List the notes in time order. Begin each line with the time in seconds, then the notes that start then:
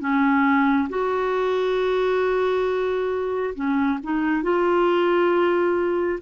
0.00 C#4
0.89 F#4
3.55 C#4
4.03 D#4
4.43 F4